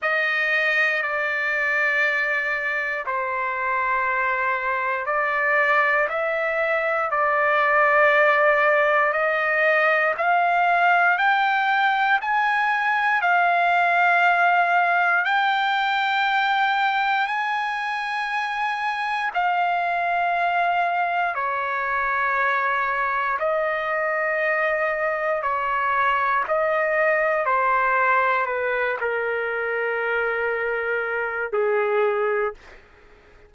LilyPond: \new Staff \with { instrumentName = "trumpet" } { \time 4/4 \tempo 4 = 59 dis''4 d''2 c''4~ | c''4 d''4 e''4 d''4~ | d''4 dis''4 f''4 g''4 | gis''4 f''2 g''4~ |
g''4 gis''2 f''4~ | f''4 cis''2 dis''4~ | dis''4 cis''4 dis''4 c''4 | b'8 ais'2~ ais'8 gis'4 | }